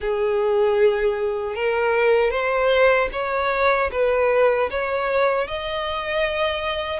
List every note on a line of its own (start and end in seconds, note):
0.00 1.55 G#4
1.55 2.31 A#4
2.31 3.09 C5
3.12 3.90 C#5
3.91 4.69 B4
4.70 5.47 C#5
5.47 7.00 D#5